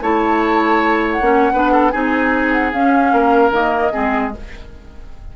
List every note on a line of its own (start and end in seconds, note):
0.00 1.20 A3
0.00 1.21 E4
0.00 1.52 C#5
0.00 1.10 A5
1.10 1.90 F#5
1.20 1.50 A#3
1.20 1.51 C#4
1.52 1.93 B3
1.52 1.91 D4
1.52 1.71 B4
1.71 1.91 A4
1.90 2.73 C4
1.90 2.72 D#4
1.90 3.12 G#4
1.90 2.51 G#5
2.51 2.71 F#5
2.72 3.51 C#4
2.72 3.12 C#4
2.72 3.52 F5
3.12 3.50 A#3
3.12 3.92 A#4
3.50 3.90 D#3
3.50 3.91 A#3
3.50 4.33 D#5
3.91 4.36 G#3
3.91 4.32 C4
3.91 4.32 G#4